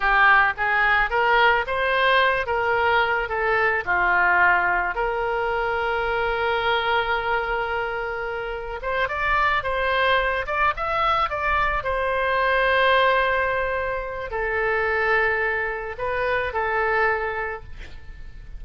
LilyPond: \new Staff \with { instrumentName = "oboe" } { \time 4/4 \tempo 4 = 109 g'4 gis'4 ais'4 c''4~ | c''8 ais'4. a'4 f'4~ | f'4 ais'2.~ | ais'1 |
c''8 d''4 c''4. d''8 e''8~ | e''8 d''4 c''2~ c''8~ | c''2 a'2~ | a'4 b'4 a'2 | }